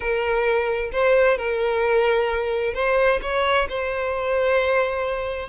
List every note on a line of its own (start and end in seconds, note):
0.00 0.90 A#4
0.92 1.37 C5
1.37 2.74 A#4
2.74 3.19 C5
3.22 3.67 C#5
3.69 5.48 C5